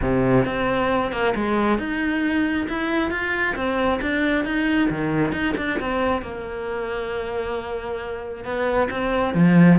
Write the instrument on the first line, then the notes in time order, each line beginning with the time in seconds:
cello
0.01 C3
0.45 C4
1.12 A#3
1.35 G#3
1.78 D#4
2.68 E4
3.10 F4
3.55 C4
4.01 D4
4.44 D#4
4.89 D#3
5.32 D#4
5.57 D4
5.80 C4
6.22 A#3
8.44 B3
8.90 C4
9.34 F3